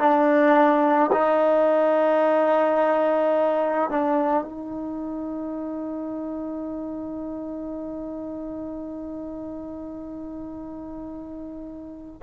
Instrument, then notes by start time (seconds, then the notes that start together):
trombone
0.00 D4
1.13 D#4
3.90 D4
4.44 D#4